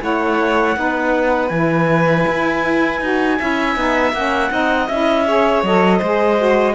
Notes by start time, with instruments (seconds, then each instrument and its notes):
0.00 cello A3, saxophone E4, violin C#5, clarinet F#5
0.75 cello B3, saxophone D#4, violin B4
1.48 cello E3, saxophone E4, clarinet G#5
2.27 cello E4
3.00 cello D#4, saxophone F#4
3.38 cello C#4, saxophone E4, violin E5
3.76 cello B3, saxophone D#4
4.12 cello A#3, saxophone C#4, clarinet F#5
4.50 cello C4, saxophone D#4, violin D#5
4.87 cello C#4, saxophone E4, clarinet E5
5.26 saxophone G#4, violin C#5
5.62 cello F#3, saxophone A4, clarinet D#5
5.98 cello G#3, saxophone G#4, violin C5
6.37 saxophone F#4